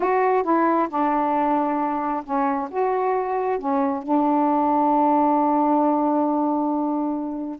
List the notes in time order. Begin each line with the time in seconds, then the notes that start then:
0.00 F#4
0.43 E4
0.89 D4
2.24 C#4
2.70 F#4
3.58 C#4
4.02 D4